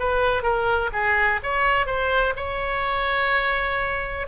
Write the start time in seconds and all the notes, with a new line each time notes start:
0.00 B4
0.43 A#4
0.93 G#4
1.44 C#5
1.87 C5
2.37 C#5